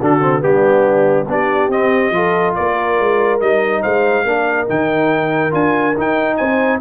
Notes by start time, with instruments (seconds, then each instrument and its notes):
0.00 tuba D3, trombone D4, horn F#4, trumpet A4
0.21 trombone C4
0.40 tuba G3, trombone B3, horn D4, trumpet G4
1.28 tuba B3, trombone D4, horn G4, trumpet D5
1.69 tuba C4, trombone C4, trumpet D#5
2.11 tuba F3, trombone F4, horn A4
2.55 tuba A#3, horn A#4, trumpet D5
2.99 tuba G#3
3.41 tuba G3, trombone D#4, trumpet D#5
3.82 tuba G#3, horn C5, trumpet F5
4.24 tuba A#3, trombone D4, horn A#4
4.68 tuba D#3, trombone D#4, trumpet G5
5.51 tuba D4, trombone F4, trumpet G#5
5.98 trombone D#4, tuba D#4, trumpet G5
6.37 tuba C4, horn C5, trumpet G#5